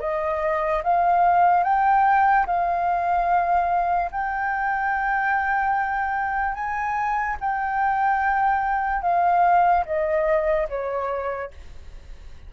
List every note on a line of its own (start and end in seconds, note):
0.00 0.82 D#5
0.83 1.64 F5
1.64 2.46 G5
2.47 4.11 F5
4.12 6.55 G5
6.55 7.37 G#5
7.40 9.02 G5
9.02 9.84 F5
9.86 10.68 D#5
10.69 11.51 C#5